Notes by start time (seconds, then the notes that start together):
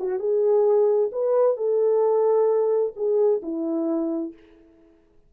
0.00 F#4
0.20 G#4
1.12 B4
1.57 A4
2.96 G#4
3.43 E4